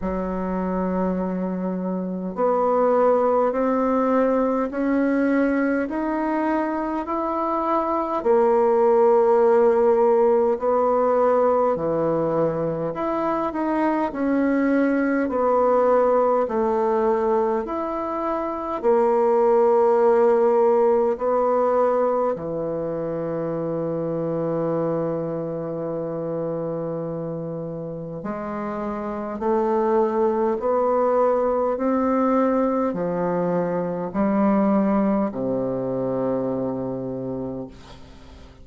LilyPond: \new Staff \with { instrumentName = "bassoon" } { \time 4/4 \tempo 4 = 51 fis2 b4 c'4 | cis'4 dis'4 e'4 ais4~ | ais4 b4 e4 e'8 dis'8 | cis'4 b4 a4 e'4 |
ais2 b4 e4~ | e1 | gis4 a4 b4 c'4 | f4 g4 c2 | }